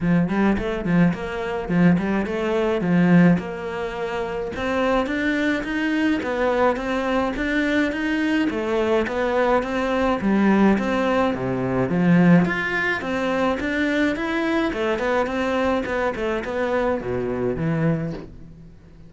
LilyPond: \new Staff \with { instrumentName = "cello" } { \time 4/4 \tempo 4 = 106 f8 g8 a8 f8 ais4 f8 g8 | a4 f4 ais2 | c'4 d'4 dis'4 b4 | c'4 d'4 dis'4 a4 |
b4 c'4 g4 c'4 | c4 f4 f'4 c'4 | d'4 e'4 a8 b8 c'4 | b8 a8 b4 b,4 e4 | }